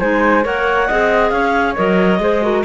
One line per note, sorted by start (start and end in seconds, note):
0.00 0.45 G#3
0.00 0.43 D#4
0.00 0.44 C5
0.00 0.44 G#5
0.43 0.90 A#3
0.43 0.87 A#4
0.43 0.88 C#5
0.43 1.30 F#5
0.88 1.32 C4
0.88 1.76 G#4
0.88 1.32 D#5
1.30 1.76 C#4
1.30 2.21 C#5
1.30 1.74 F5
1.76 2.19 F#3
1.76 2.20 A#4
1.76 2.65 D#5
2.19 2.64 G#3
2.19 2.42 G#4
2.19 2.44 C5
2.42 2.64 F#4
2.42 2.66 A#4